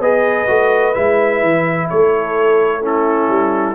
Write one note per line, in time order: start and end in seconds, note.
0.00 0.47 B3
0.00 0.47 G#4
0.00 1.89 B4
0.00 0.94 D#5
0.47 0.96 A3
0.47 0.94 F#4
0.94 1.42 G#3
0.94 2.81 E4
0.94 1.88 E5
1.42 1.89 E3
1.90 3.29 A3
1.90 2.82 A4
1.90 2.83 C#5
2.82 3.74 C#4
2.82 3.74 E4
2.82 3.74 A4
3.29 3.74 G3